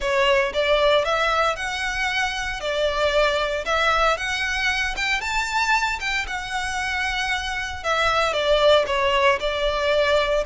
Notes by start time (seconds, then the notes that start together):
0.00 C#5
0.53 D5
1.04 E5
1.56 F#5
2.60 D5
3.65 E5
4.17 F#5
4.96 G5
5.20 A5
6.00 G5
6.27 F#5
7.83 E5
8.33 D5
8.86 C#5
9.40 D5